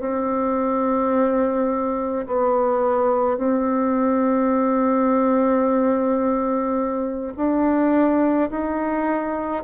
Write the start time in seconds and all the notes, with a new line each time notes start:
0.00 C4
2.26 B3
3.38 C4
7.37 D4
8.51 D#4